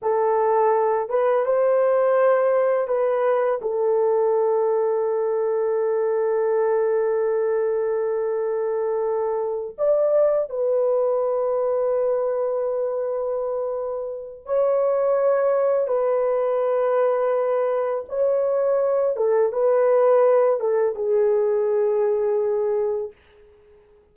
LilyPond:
\new Staff \with { instrumentName = "horn" } { \time 4/4 \tempo 4 = 83 a'4. b'8 c''2 | b'4 a'2.~ | a'1~ | a'4. d''4 b'4.~ |
b'1 | cis''2 b'2~ | b'4 cis''4. a'8 b'4~ | b'8 a'8 gis'2. | }